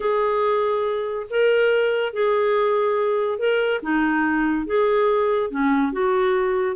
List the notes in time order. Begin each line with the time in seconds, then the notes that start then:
0.00 G#4
1.29 A#4
2.13 G#4
3.38 A#4
3.82 D#4
4.66 G#4
5.50 C#4
5.92 F#4